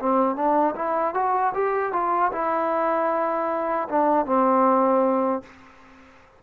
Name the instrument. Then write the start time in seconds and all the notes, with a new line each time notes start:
trombone
0.00 C4
0.36 D4
0.76 E4
1.15 F#4
1.54 G4
1.93 F4
2.33 E4
3.90 D4
4.26 C4